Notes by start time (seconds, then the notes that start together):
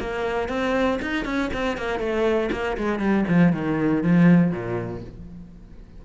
0.00 A#3
0.49 C4
1.02 D#4
1.25 C#4
1.54 C4
1.78 A#3
1.99 A3
2.52 A#3
2.77 G#3
3.00 G3
3.28 F3
3.53 D#3
4.03 F3
4.51 A#2